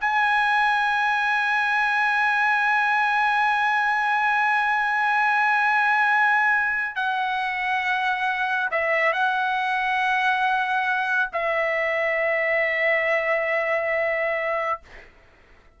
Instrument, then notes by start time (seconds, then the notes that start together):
trumpet
0.00 G#5
6.95 F#5
8.71 E5
9.12 F#5
11.32 E5